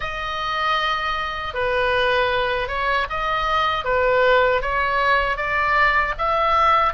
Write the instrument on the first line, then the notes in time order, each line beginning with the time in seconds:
oboe
0.00 D#5
1.53 B4
2.68 C#5
3.09 D#5
3.84 B4
4.61 C#5
5.37 D5
6.17 E5